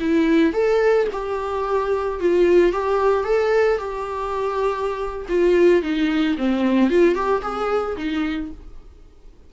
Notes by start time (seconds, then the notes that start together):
0.00 E4
0.53 A4
1.12 G4
2.20 F4
2.72 G4
3.24 A4
3.78 G4
5.29 F4
5.82 D#4
6.38 C4
6.90 F4
7.15 G4
7.42 G#4
7.97 D#4